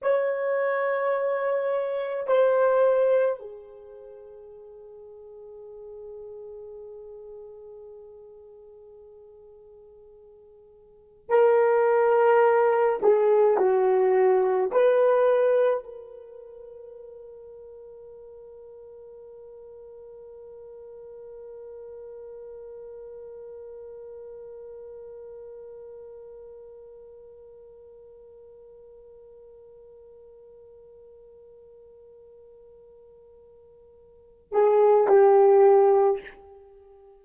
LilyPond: \new Staff \with { instrumentName = "horn" } { \time 4/4 \tempo 4 = 53 cis''2 c''4 gis'4~ | gis'1~ | gis'2 ais'4. gis'8 | fis'4 b'4 ais'2~ |
ais'1~ | ais'1~ | ais'1~ | ais'2~ ais'8 gis'8 g'4 | }